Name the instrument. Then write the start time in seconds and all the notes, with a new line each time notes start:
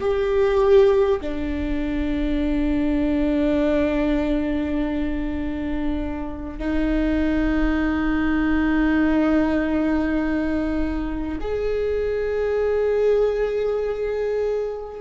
viola
0.00 G4
1.21 D4
6.58 D#4
11.41 G#4